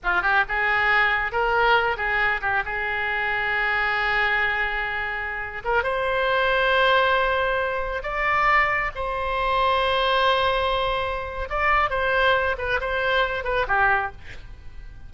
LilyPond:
\new Staff \with { instrumentName = "oboe" } { \time 4/4 \tempo 4 = 136 f'8 g'8 gis'2 ais'4~ | ais'8 gis'4 g'8 gis'2~ | gis'1~ | gis'8. ais'8 c''2~ c''8.~ |
c''2~ c''16 d''4.~ d''16~ | d''16 c''2.~ c''8.~ | c''2 d''4 c''4~ | c''8 b'8 c''4. b'8 g'4 | }